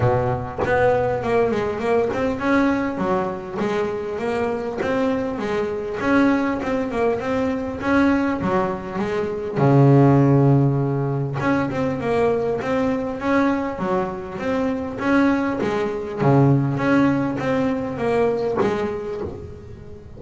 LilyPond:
\new Staff \with { instrumentName = "double bass" } { \time 4/4 \tempo 4 = 100 b,4 b4 ais8 gis8 ais8 c'8 | cis'4 fis4 gis4 ais4 | c'4 gis4 cis'4 c'8 ais8 | c'4 cis'4 fis4 gis4 |
cis2. cis'8 c'8 | ais4 c'4 cis'4 fis4 | c'4 cis'4 gis4 cis4 | cis'4 c'4 ais4 gis4 | }